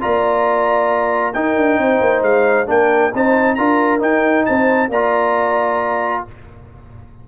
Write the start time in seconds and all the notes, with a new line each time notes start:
0.00 A#3 F4 D5 A#5
1.34 D#4 A#4 G5
1.57 D4
1.78 C4 C5
2.00 A#3
2.22 G#3 F5
2.67 A#3 D4 A#4 G5
3.13 C4 D#4 C5 A5
3.55 D4 F4 A#4 A#5
4.00 D#4 G5
4.45 C4 C5 A5
4.89 A#3 F4 D5 A#5